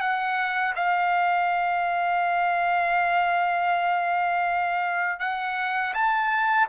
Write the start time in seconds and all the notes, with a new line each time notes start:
0.00 F#5
0.75 F5
5.20 F#5
5.94 A5